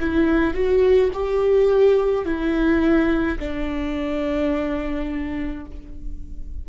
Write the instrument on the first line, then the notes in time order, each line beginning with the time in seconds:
viola
0.00 E4
0.54 F#4
1.13 G4
2.25 E4
3.39 D4